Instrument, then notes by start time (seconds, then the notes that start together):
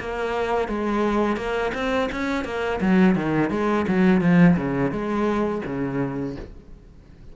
cello
0.00 A#3
0.69 G#3
1.37 A#3
1.75 C4
2.12 C#4
2.45 A#3
2.82 F#3
3.16 D#3
3.51 G#3
3.88 F#3
4.21 F3
4.57 C#3
4.92 G#3
5.66 C#3